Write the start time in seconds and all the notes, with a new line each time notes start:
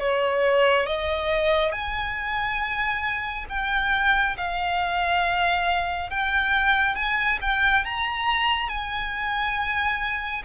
0.00 C#5
0.87 D#5
1.72 G#5
3.49 G5
4.37 F5
6.10 G5
6.95 G#5
7.42 G5
7.85 A#5
8.69 G#5